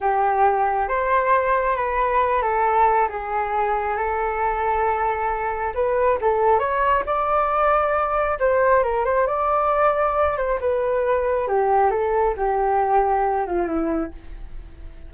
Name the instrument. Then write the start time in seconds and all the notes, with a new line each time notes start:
flute
0.00 G4
0.88 C5
1.76 B4
2.42 A4
3.09 G#4
3.96 A4
5.74 B4
6.21 A4
6.59 C#5
7.06 D5
8.39 C5
8.83 A#4
9.04 C5
9.26 D5
10.37 C5
10.60 B4
11.47 G4
11.90 A4
12.36 G4
13.46 F4
13.67 E4